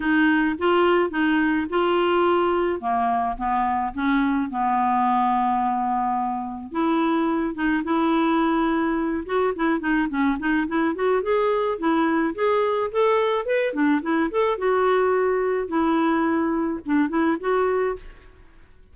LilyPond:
\new Staff \with { instrumentName = "clarinet" } { \time 4/4 \tempo 4 = 107 dis'4 f'4 dis'4 f'4~ | f'4 ais4 b4 cis'4 | b1 | e'4. dis'8 e'2~ |
e'8 fis'8 e'8 dis'8 cis'8 dis'8 e'8 fis'8 | gis'4 e'4 gis'4 a'4 | b'8 d'8 e'8 a'8 fis'2 | e'2 d'8 e'8 fis'4 | }